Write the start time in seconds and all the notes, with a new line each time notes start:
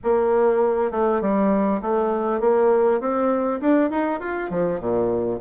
0.03 A#3
0.91 A3
1.21 G3
1.81 A3
2.40 A#3
3.00 C4
3.60 D4
3.90 D#4
4.20 F4
4.49 F3
4.80 A#2